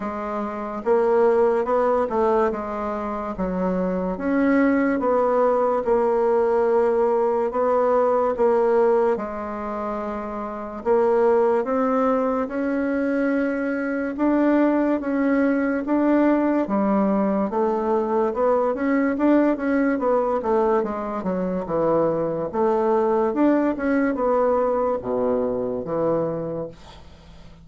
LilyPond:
\new Staff \with { instrumentName = "bassoon" } { \time 4/4 \tempo 4 = 72 gis4 ais4 b8 a8 gis4 | fis4 cis'4 b4 ais4~ | ais4 b4 ais4 gis4~ | gis4 ais4 c'4 cis'4~ |
cis'4 d'4 cis'4 d'4 | g4 a4 b8 cis'8 d'8 cis'8 | b8 a8 gis8 fis8 e4 a4 | d'8 cis'8 b4 b,4 e4 | }